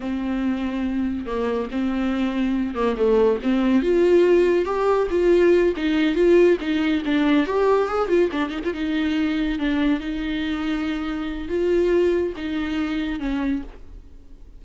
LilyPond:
\new Staff \with { instrumentName = "viola" } { \time 4/4 \tempo 4 = 141 c'2. ais4 | c'2~ c'8 ais8 a4 | c'4 f'2 g'4 | f'4. dis'4 f'4 dis'8~ |
dis'8 d'4 g'4 gis'8 f'8 d'8 | dis'16 f'16 dis'2 d'4 dis'8~ | dis'2. f'4~ | f'4 dis'2 cis'4 | }